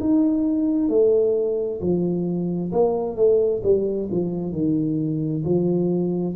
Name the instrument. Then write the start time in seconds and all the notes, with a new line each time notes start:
tuba
0.00 D#4
0.89 A3
1.81 F3
2.72 A#3
3.16 A3
3.63 G3
4.10 F3
4.52 D#3
5.44 F3